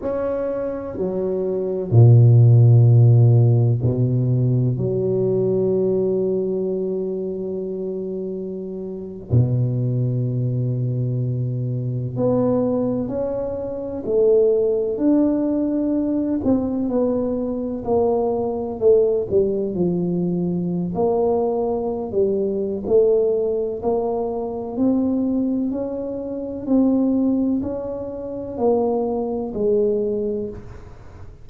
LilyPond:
\new Staff \with { instrumentName = "tuba" } { \time 4/4 \tempo 4 = 63 cis'4 fis4 ais,2 | b,4 fis2.~ | fis4.~ fis16 b,2~ b,16~ | b,8. b4 cis'4 a4 d'16~ |
d'4~ d'16 c'8 b4 ais4 a16~ | a16 g8 f4~ f16 ais4~ ais16 g8. | a4 ais4 c'4 cis'4 | c'4 cis'4 ais4 gis4 | }